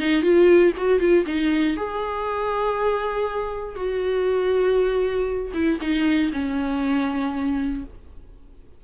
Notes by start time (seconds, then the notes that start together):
0.00 D#4
0.23 F4
0.78 F#4
1.00 F4
1.27 D#4
1.77 G#4
3.76 F#4
5.54 E4
5.81 D#4
6.33 C#4